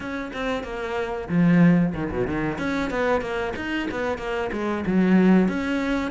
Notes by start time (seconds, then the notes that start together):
0.00 C#4
0.33 C4
0.63 A#3
1.28 F3
1.94 D#3
2.11 B2
2.27 D#3
2.58 C#4
2.90 B3
3.21 A#3
3.56 D#4
3.90 B3
4.18 A#3
4.52 G#3
4.86 F#3
5.48 C#4